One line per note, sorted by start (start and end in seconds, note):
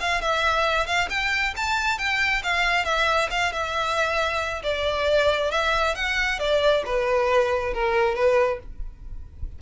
0.00 0.21 F5
0.21 0.86 E5
0.86 1.08 F5
1.10 1.54 G5
1.56 1.98 A5
1.98 2.42 G5
2.43 2.85 F5
2.85 3.29 E5
3.30 3.52 F5
3.52 4.62 E5
4.63 5.51 D5
5.51 5.95 E5
5.95 6.39 F#5
6.39 6.83 D5
6.85 7.73 B4
7.73 8.15 A#4
8.15 8.59 B4